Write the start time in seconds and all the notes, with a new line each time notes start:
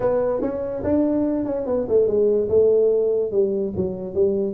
0.00 B3
0.41 C#4
0.83 D4
1.45 C#4
1.66 B3
1.88 A3
2.07 G#3
2.48 A3
3.31 G3
3.76 F#3
4.14 G3